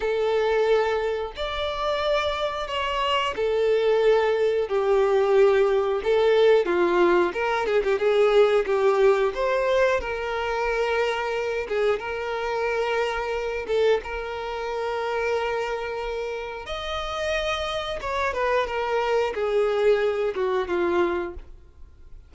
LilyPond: \new Staff \with { instrumentName = "violin" } { \time 4/4 \tempo 4 = 90 a'2 d''2 | cis''4 a'2 g'4~ | g'4 a'4 f'4 ais'8 gis'16 g'16 | gis'4 g'4 c''4 ais'4~ |
ais'4. gis'8 ais'2~ | ais'8 a'8 ais'2.~ | ais'4 dis''2 cis''8 b'8 | ais'4 gis'4. fis'8 f'4 | }